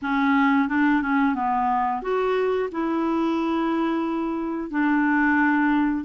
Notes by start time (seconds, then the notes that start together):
0.02 C#4
0.68 D4
1.01 C#4
1.35 B3
2.02 F#4
2.72 E4
4.70 D4